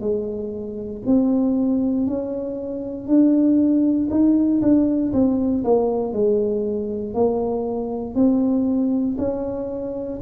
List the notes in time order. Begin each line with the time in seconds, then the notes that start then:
0.00 G#3
1.05 C4
2.06 C#4
3.07 D4
4.10 D#4
4.61 D4
5.12 C4
5.63 A#3
6.12 G#3
7.14 A#3
8.14 C4
9.18 C#4